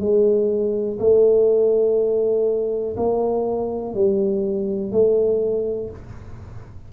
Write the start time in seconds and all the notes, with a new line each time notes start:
0.00 G#3
0.99 A3
2.96 A#3
3.94 G3
4.92 A3